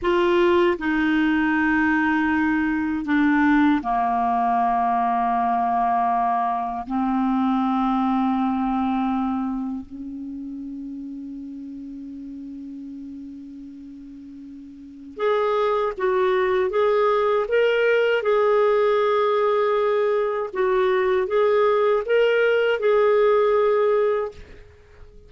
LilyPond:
\new Staff \with { instrumentName = "clarinet" } { \time 4/4 \tempo 4 = 79 f'4 dis'2. | d'4 ais2.~ | ais4 c'2.~ | c'4 cis'2.~ |
cis'1 | gis'4 fis'4 gis'4 ais'4 | gis'2. fis'4 | gis'4 ais'4 gis'2 | }